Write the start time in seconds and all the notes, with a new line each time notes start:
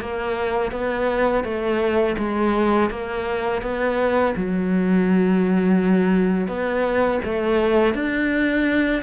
0.00 A#3
0.71 B3
1.44 A3
2.18 G#3
2.90 A#3
3.62 B3
4.36 F#3
6.47 B3
7.24 A3
7.94 D4